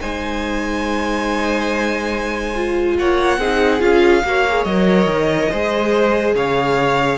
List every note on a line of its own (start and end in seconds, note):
0.00 2.98 G#3
0.00 2.54 D#4
0.00 2.96 C5
0.00 2.96 G#5
2.55 3.39 F4
2.98 3.37 A#3
2.98 3.38 C#5
2.98 3.81 F#5
3.37 3.80 C4
3.37 3.79 D#4
3.37 4.23 G#4
3.79 4.23 C#4
3.79 4.22 F4
3.79 4.64 F5
4.23 4.64 A#3
4.23 4.46 F#4
4.23 5.50 C#5
4.48 4.67 G#4
4.64 5.05 F#3
4.64 5.51 A#4
4.64 6.33 D#5
5.05 5.48 D#3
5.50 6.34 G#3
5.50 7.18 G#4
5.50 6.35 C5
6.34 7.18 C#3
6.34 7.18 C#5
6.34 7.18 F5